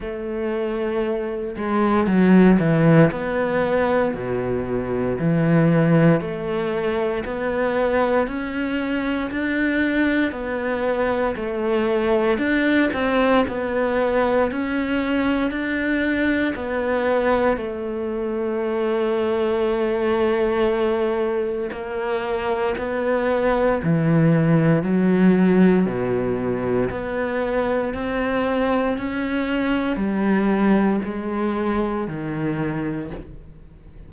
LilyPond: \new Staff \with { instrumentName = "cello" } { \time 4/4 \tempo 4 = 58 a4. gis8 fis8 e8 b4 | b,4 e4 a4 b4 | cis'4 d'4 b4 a4 | d'8 c'8 b4 cis'4 d'4 |
b4 a2.~ | a4 ais4 b4 e4 | fis4 b,4 b4 c'4 | cis'4 g4 gis4 dis4 | }